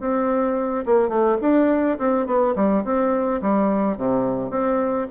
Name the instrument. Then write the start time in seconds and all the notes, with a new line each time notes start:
bassoon
0.00 C4
0.86 A#3
1.09 A3
1.42 D4
1.98 C4
2.26 B3
2.56 G3
2.85 C4
3.42 G3
3.98 C3
4.51 C4